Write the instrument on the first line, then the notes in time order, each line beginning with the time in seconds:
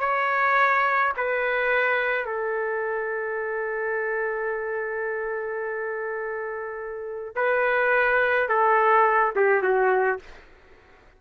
trumpet
0.00 C#5
1.17 B4
2.26 A4
7.36 B4
8.49 A4
9.36 G4
9.63 F#4